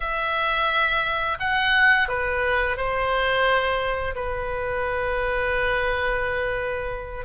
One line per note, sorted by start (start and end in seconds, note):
0.00 1.38 E5
1.39 2.08 F#5
2.08 2.76 B4
2.76 4.14 C5
4.15 7.25 B4